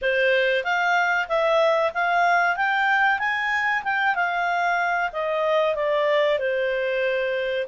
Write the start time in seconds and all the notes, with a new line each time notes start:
0.01 C5
0.64 F5
1.28 E5
1.94 F5
2.56 G5
3.19 G#5
3.83 G5
4.15 F5
5.12 D#5
5.75 D5
6.39 C5